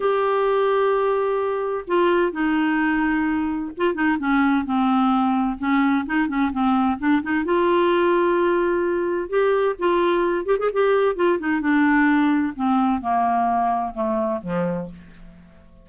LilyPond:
\new Staff \with { instrumentName = "clarinet" } { \time 4/4 \tempo 4 = 129 g'1 | f'4 dis'2. | f'8 dis'8 cis'4 c'2 | cis'4 dis'8 cis'8 c'4 d'8 dis'8 |
f'1 | g'4 f'4. g'16 gis'16 g'4 | f'8 dis'8 d'2 c'4 | ais2 a4 f4 | }